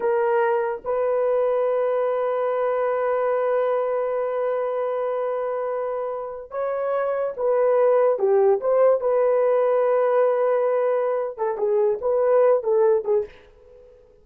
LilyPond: \new Staff \with { instrumentName = "horn" } { \time 4/4 \tempo 4 = 145 ais'2 b'2~ | b'1~ | b'1~ | b'2.~ b'8. cis''16~ |
cis''4.~ cis''16 b'2 g'16~ | g'8. c''4 b'2~ b'16~ | b'2.~ b'8 a'8 | gis'4 b'4. a'4 gis'8 | }